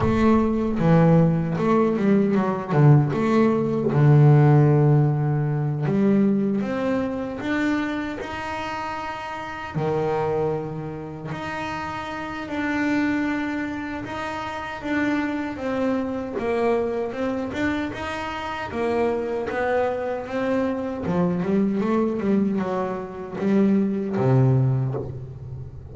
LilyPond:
\new Staff \with { instrumentName = "double bass" } { \time 4/4 \tempo 4 = 77 a4 e4 a8 g8 fis8 d8 | a4 d2~ d8 g8~ | g8 c'4 d'4 dis'4.~ | dis'8 dis2 dis'4. |
d'2 dis'4 d'4 | c'4 ais4 c'8 d'8 dis'4 | ais4 b4 c'4 f8 g8 | a8 g8 fis4 g4 c4 | }